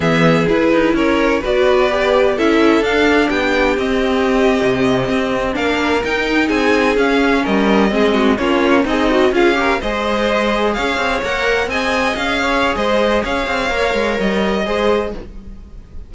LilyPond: <<
  \new Staff \with { instrumentName = "violin" } { \time 4/4 \tempo 4 = 127 e''4 b'4 cis''4 d''4~ | d''4 e''4 f''4 g''4 | dis''2.~ dis''8. f''16~ | f''8. g''4 gis''4 f''4 dis''16~ |
dis''4.~ dis''16 cis''4 dis''4 f''16~ | f''8. dis''2 f''4 fis''16~ | fis''8. gis''4 f''4~ f''16 dis''4 | f''2 dis''2 | }
  \new Staff \with { instrumentName = "violin" } { \time 4/4 gis'2 ais'4 b'4~ | b'4 a'2 g'4~ | g'2.~ g'8. ais'16~ | ais'4.~ ais'16 gis'2 ais'16~ |
ais'8. gis'8 fis'8 f'4 dis'4 gis'16~ | gis'16 ais'8 c''2 cis''4~ cis''16~ | cis''8. dis''4. cis''8. c''4 | cis''2. c''4 | }
  \new Staff \with { instrumentName = "viola" } { \time 4/4 b4 e'2 fis'4 | g'4 e'4 d'2 | c'2.~ c'8. d'16~ | d'8. dis'2 cis'4~ cis'16~ |
cis'8. c'4 cis'4 gis'8 fis'8 f'16~ | f'16 g'8 gis'2. ais'16~ | ais'8. gis'2.~ gis'16~ | gis'4 ais'2 gis'4 | }
  \new Staff \with { instrumentName = "cello" } { \time 4/4 e4 e'8 dis'8 cis'4 b4~ | b4 cis'4 d'4 b4 | c'4.~ c'16 c4 c'4 ais16~ | ais8. dis'4 c'4 cis'4 g16~ |
g8. gis4 ais4 c'4 cis'16~ | cis'8. gis2 cis'8 c'8 ais16~ | ais8. c'4 cis'4~ cis'16 gis4 | cis'8 c'8 ais8 gis8 g4 gis4 | }
>>